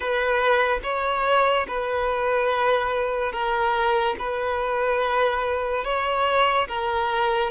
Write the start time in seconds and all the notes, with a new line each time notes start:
0.00 B4
0.83 C#5
1.67 B4
3.32 A#4
4.19 B4
5.84 C#5
6.67 A#4